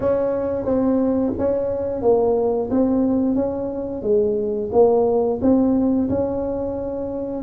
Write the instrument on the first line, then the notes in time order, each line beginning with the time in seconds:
tuba
0.00 C#4
0.65 C4
1.38 C#4
2.02 A#3
2.70 C4
3.35 C#4
4.02 G#3
4.72 A#3
5.41 C4
6.09 C#4